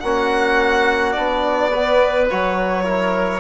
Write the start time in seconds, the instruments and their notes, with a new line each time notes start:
0.00 bassoon A#3, trombone C#4, oboe F#4, violin F#5
1.12 bassoon B3, trombone D4, violin D5
1.71 trombone B3, oboe B4
2.30 bassoon F#3, trombone F#4, violin C#5
2.84 trombone E4, oboe A#4